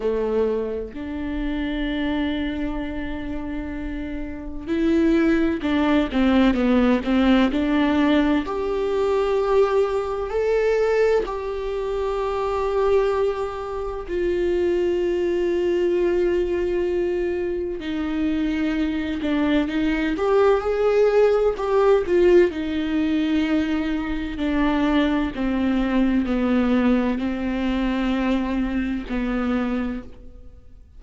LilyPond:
\new Staff \with { instrumentName = "viola" } { \time 4/4 \tempo 4 = 64 a4 d'2.~ | d'4 e'4 d'8 c'8 b8 c'8 | d'4 g'2 a'4 | g'2. f'4~ |
f'2. dis'4~ | dis'8 d'8 dis'8 g'8 gis'4 g'8 f'8 | dis'2 d'4 c'4 | b4 c'2 b4 | }